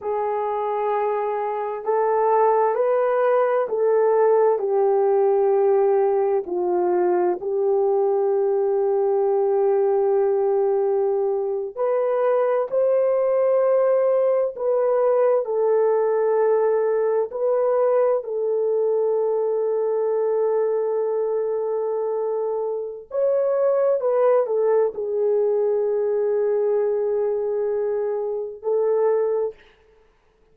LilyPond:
\new Staff \with { instrumentName = "horn" } { \time 4/4 \tempo 4 = 65 gis'2 a'4 b'4 | a'4 g'2 f'4 | g'1~ | g'8. b'4 c''2 b'16~ |
b'8. a'2 b'4 a'16~ | a'1~ | a'4 cis''4 b'8 a'8 gis'4~ | gis'2. a'4 | }